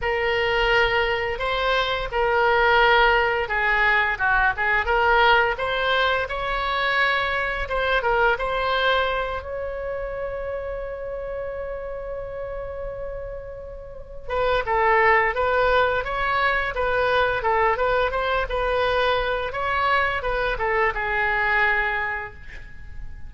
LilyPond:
\new Staff \with { instrumentName = "oboe" } { \time 4/4 \tempo 4 = 86 ais'2 c''4 ais'4~ | ais'4 gis'4 fis'8 gis'8 ais'4 | c''4 cis''2 c''8 ais'8 | c''4. cis''2~ cis''8~ |
cis''1~ | cis''8 b'8 a'4 b'4 cis''4 | b'4 a'8 b'8 c''8 b'4. | cis''4 b'8 a'8 gis'2 | }